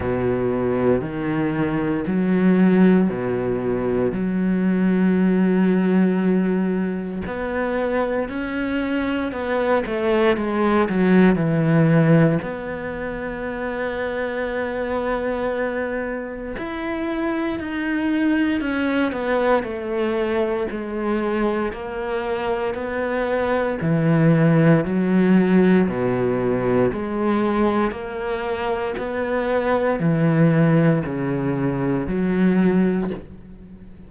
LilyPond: \new Staff \with { instrumentName = "cello" } { \time 4/4 \tempo 4 = 58 b,4 dis4 fis4 b,4 | fis2. b4 | cis'4 b8 a8 gis8 fis8 e4 | b1 |
e'4 dis'4 cis'8 b8 a4 | gis4 ais4 b4 e4 | fis4 b,4 gis4 ais4 | b4 e4 cis4 fis4 | }